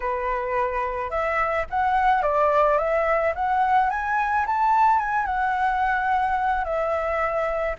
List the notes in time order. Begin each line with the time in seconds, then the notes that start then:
0.00 B4
1.10 E5
1.70 F#5
2.22 D5
2.78 E5
3.35 F#5
3.89 G#5
4.46 A5
4.99 G#5
5.25 F#5
6.64 E5